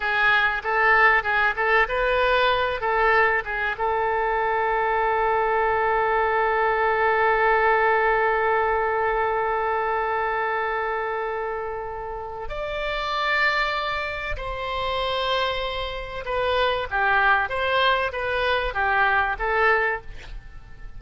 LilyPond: \new Staff \with { instrumentName = "oboe" } { \time 4/4 \tempo 4 = 96 gis'4 a'4 gis'8 a'8 b'4~ | b'8 a'4 gis'8 a'2~ | a'1~ | a'1~ |
a'1 | d''2. c''4~ | c''2 b'4 g'4 | c''4 b'4 g'4 a'4 | }